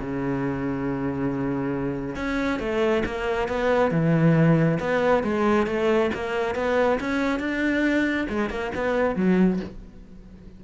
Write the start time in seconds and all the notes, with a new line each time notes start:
0.00 C#3
2.16 C#4
2.60 A3
3.06 A#3
3.48 B3
3.91 E3
4.80 B3
5.24 G#3
5.67 A3
6.14 A#3
6.55 B3
7.00 C#4
7.40 D4
8.29 G#3
8.50 A#3
8.75 B3
9.16 F#3